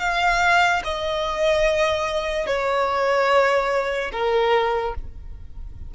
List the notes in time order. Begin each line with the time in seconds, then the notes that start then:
0.00 F5
0.84 D#5
2.47 C#5
4.12 A#4